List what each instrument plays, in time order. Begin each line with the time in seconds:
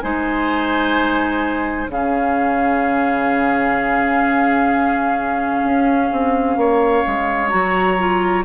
0.00 bassoon G#3, clarinet D#4, oboe C5, flute G#5
1.87 bassoon C#3, clarinet C#4, oboe G#4, flute F5
5.64 bassoon C#4
6.12 bassoon C4
6.56 bassoon A#3, oboe C#5
7.06 bassoon G#3
7.49 bassoon F#3, clarinet F#4, flute A#5
7.98 clarinet F4